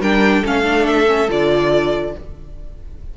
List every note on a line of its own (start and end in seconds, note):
0.00 0.43 G3
0.00 0.44 D4
0.00 0.41 A#4
0.00 0.44 G5
0.41 1.28 A3
0.41 0.63 C#4
0.41 2.12 A4
0.41 0.86 F5
0.63 1.06 D4
0.86 1.29 E5
1.06 1.28 C#4
1.28 2.14 D3
1.28 2.14 F4
1.28 2.17 D5